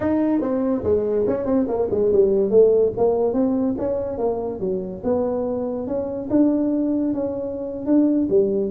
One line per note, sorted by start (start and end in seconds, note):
0.00 0.41 D#4
0.41 0.83 C4
0.83 1.25 G#3
1.27 1.45 C#4
1.45 1.66 C4
1.68 1.89 A#3
1.91 2.12 G#3
2.12 2.50 G3
2.50 2.92 A3
2.97 3.33 A#3
3.33 3.75 C4
3.78 4.18 C#4
4.18 4.59 A#3
4.59 5.01 F#3
5.03 5.87 B3
5.87 6.29 C#4
6.30 7.13 D4
7.13 7.85 C#4
7.85 8.27 D4
8.29 8.71 G3